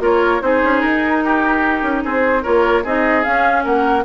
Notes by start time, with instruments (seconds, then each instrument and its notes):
0.00 bassoon A#3, clarinet F4, oboe A#4, flute C#5
0.41 bassoon C4, clarinet D#4, oboe G#4, flute C5
0.64 bassoon C#4
0.82 bassoon D#4, flute A#4
1.24 oboe G4
1.83 bassoon C#4
2.04 bassoon C4, oboe G#4, flute C5
2.43 bassoon A#3, clarinet F4, oboe A#4, flute C#5
2.83 bassoon C4, clarinet D#4, oboe G#4, flute D#5
3.23 clarinet C#4, bassoon C#4, flute F5
3.64 bassoon A#3, oboe A#4, flute F#5